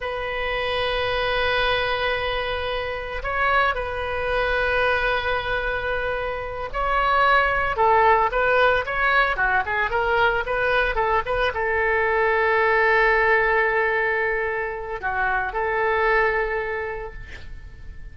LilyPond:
\new Staff \with { instrumentName = "oboe" } { \time 4/4 \tempo 4 = 112 b'1~ | b'2 cis''4 b'4~ | b'1~ | b'8 cis''2 a'4 b'8~ |
b'8 cis''4 fis'8 gis'8 ais'4 b'8~ | b'8 a'8 b'8 a'2~ a'8~ | a'1 | fis'4 a'2. | }